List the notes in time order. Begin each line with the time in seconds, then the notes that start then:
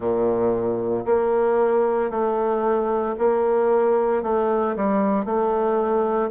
0.00 A#2
1.05 A#3
2.10 A3
3.18 A#3
4.22 A3
4.76 G3
5.25 A3